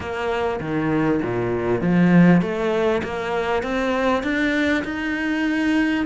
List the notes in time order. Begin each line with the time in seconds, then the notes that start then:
0.00 A#3
0.60 D#3
1.22 A#2
1.81 F3
2.41 A3
3.03 A#3
3.63 C4
4.23 D4
4.84 D#4